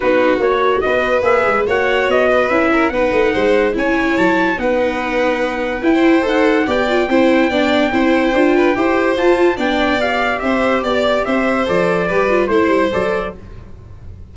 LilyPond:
<<
  \new Staff \with { instrumentName = "trumpet" } { \time 4/4 \tempo 4 = 144 b'4 cis''4 dis''4 e''4 | fis''4 dis''4 e''4 fis''4~ | fis''4 gis''4 a''4 fis''4~ | fis''2 g''4 fis''4 |
g''1~ | g''2 a''4 g''4 | f''4 e''4 d''4 e''4 | d''2 c''4 d''4 | }
  \new Staff \with { instrumentName = "violin" } { \time 4/4 fis'2 b'2 | cis''4. b'4 ais'8 b'4 | c''4 cis''2 b'4~ | b'2~ b'16 c''4.~ c''16 |
d''4 c''4 d''4 c''4~ | c''8 b'8 c''2 d''4~ | d''4 c''4 d''4 c''4~ | c''4 b'4 c''2 | }
  \new Staff \with { instrumentName = "viola" } { \time 4/4 dis'4 fis'2 gis'4 | fis'2 e'4 dis'4~ | dis'4 e'2 dis'4~ | dis'2 e'4 a'4 |
g'8 f'8 e'4 d'4 e'4 | f'4 g'4 f'4 d'4 | g'1 | a'4 g'8 f'8 e'4 a'4 | }
  \new Staff \with { instrumentName = "tuba" } { \time 4/4 b4 ais4 b4 ais8 gis8 | ais4 b4 cis'4 b8 a8 | gis4 cis'4 fis4 b4~ | b2 e'4 dis'4 |
b4 c'4 b4 c'4 | d'4 e'4 f'4 b4~ | b4 c'4 b4 c'4 | f4 g4 a8 g8 fis4 | }
>>